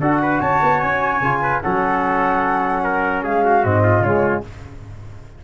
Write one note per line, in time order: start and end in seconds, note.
0.00 0.40 D4
0.00 1.22 F#4
0.00 0.20 A4
0.00 0.40 F#5
0.22 0.40 B4
0.40 0.61 C#4
0.40 1.41 C#5
0.40 0.80 A5
0.62 0.82 B3
0.80 1.20 C#4
0.80 1.61 G#5
1.20 1.61 C#3
1.20 1.62 F4
1.42 1.62 B4
1.61 3.24 F#3
1.61 3.62 C#4
1.61 2.83 A4
1.61 3.22 F#5
2.83 3.23 A#4
3.23 3.64 G#3
3.23 3.44 G#4
3.23 3.64 F5
3.45 3.83 F#4
3.62 4.00 G#2
3.62 4.03 C4
3.62 4.03 D#5
3.83 4.43 F4
4.00 4.41 C#3
4.00 4.44 G#3
4.00 4.43 C#5